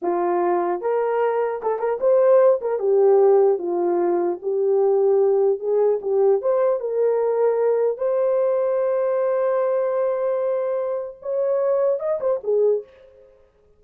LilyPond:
\new Staff \with { instrumentName = "horn" } { \time 4/4 \tempo 4 = 150 f'2 ais'2 | a'8 ais'8 c''4. ais'8 g'4~ | g'4 f'2 g'4~ | g'2 gis'4 g'4 |
c''4 ais'2. | c''1~ | c''1 | cis''2 dis''8 c''8 gis'4 | }